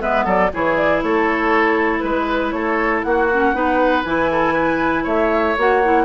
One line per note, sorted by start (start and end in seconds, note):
0.00 0.26 G#3
0.00 0.50 B3
0.00 0.25 B4
0.00 0.26 E5
0.25 0.51 F#3
0.25 0.50 A4
0.25 0.53 D5
0.53 1.03 E3
0.53 3.31 E4
0.53 1.04 G#4
0.53 0.76 C#5
0.76 1.02 D5
1.03 2.03 A3
1.03 2.04 A4
1.03 2.00 C#5
2.00 2.52 G#3
2.00 2.50 B4
2.00 2.55 B4
2.51 3.03 A3
2.51 3.06 A4
2.51 3.01 C#5
3.02 3.54 A#3
3.02 3.56 F#4
3.02 4.03 F#5
3.32 3.54 C#4
3.54 4.04 B3
3.54 4.04 D#4
3.54 4.31 B4
4.04 5.06 E3
4.04 5.56 E4
4.04 5.05 G#5
4.32 4.53 A4
4.53 5.04 B4
5.04 5.56 A3
5.04 6.05 C#5
5.04 5.57 E5
5.57 6.05 A#3
5.57 5.83 F#4
5.57 6.05 F#5
5.84 6.05 E4